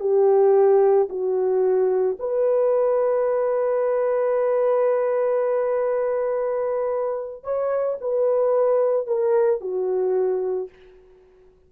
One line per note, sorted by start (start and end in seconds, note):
0.00 1.08 G4
1.09 2.17 F#4
2.19 7.43 B4
7.43 7.98 C#5
8.00 9.07 B4
9.07 9.61 A#4
9.61 10.69 F#4